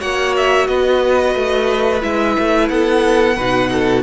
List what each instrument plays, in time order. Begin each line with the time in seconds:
0.00 cello A#3, viola F#4, violin C#5 F#5
0.37 violin E5
0.67 cello B3, violin B4 D#5
1.35 cello A3
2.01 cello G#3, viola E4, violin E5
2.39 cello A3
2.69 cello B3, violin A4 F#5
3.36 cello B2, viola D#4, violin B4
3.72 violin A4